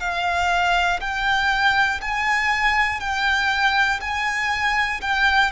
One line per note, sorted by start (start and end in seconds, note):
0.00 1.00 F5
1.01 2.01 G5
2.01 3.00 G#5
3.00 4.00 G5
4.01 5.01 G#5
5.02 5.52 G5